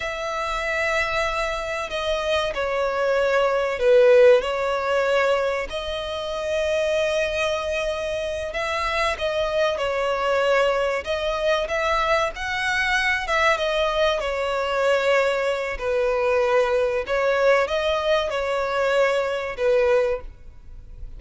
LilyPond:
\new Staff \with { instrumentName = "violin" } { \time 4/4 \tempo 4 = 95 e''2. dis''4 | cis''2 b'4 cis''4~ | cis''4 dis''2.~ | dis''4. e''4 dis''4 cis''8~ |
cis''4. dis''4 e''4 fis''8~ | fis''4 e''8 dis''4 cis''4.~ | cis''4 b'2 cis''4 | dis''4 cis''2 b'4 | }